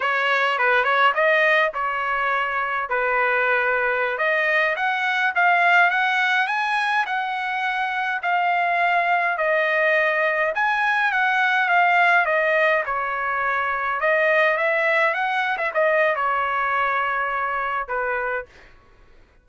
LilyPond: \new Staff \with { instrumentName = "trumpet" } { \time 4/4 \tempo 4 = 104 cis''4 b'8 cis''8 dis''4 cis''4~ | cis''4 b'2~ b'16 dis''8.~ | dis''16 fis''4 f''4 fis''4 gis''8.~ | gis''16 fis''2 f''4.~ f''16~ |
f''16 dis''2 gis''4 fis''8.~ | fis''16 f''4 dis''4 cis''4.~ cis''16~ | cis''16 dis''4 e''4 fis''8. e''16 dis''8. | cis''2. b'4 | }